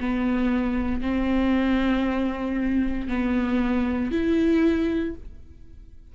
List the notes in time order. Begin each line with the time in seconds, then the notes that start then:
0.00 B3
1.01 C4
3.08 B3
4.11 E4